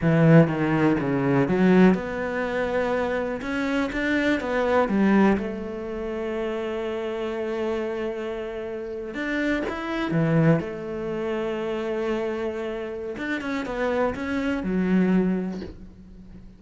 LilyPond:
\new Staff \with { instrumentName = "cello" } { \time 4/4 \tempo 4 = 123 e4 dis4 cis4 fis4 | b2. cis'4 | d'4 b4 g4 a4~ | a1~ |
a2~ a8. d'4 e'16~ | e'8. e4 a2~ a16~ | a2. d'8 cis'8 | b4 cis'4 fis2 | }